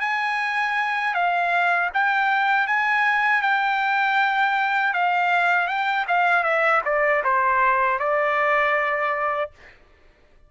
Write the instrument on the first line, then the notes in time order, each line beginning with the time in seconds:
trumpet
0.00 G#5
1.14 F5
1.94 G5
2.67 G#5
3.42 G5
4.93 F5
5.68 G5
6.08 F5
6.43 E5
6.85 D5
7.24 C5
7.99 D5